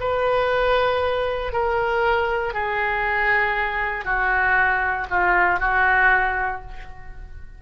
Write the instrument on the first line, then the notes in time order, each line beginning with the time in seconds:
oboe
0.00 B4
1.53 A#4
2.54 G#4
4.05 F#4
5.10 F4
5.60 F#4